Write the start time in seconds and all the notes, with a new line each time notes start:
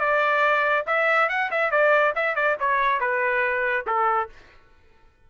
0.00 D5
0.87 E5
1.29 F#5
1.52 E5
1.71 D5
2.16 E5
2.36 D5
2.60 C#5
3.01 B4
3.87 A4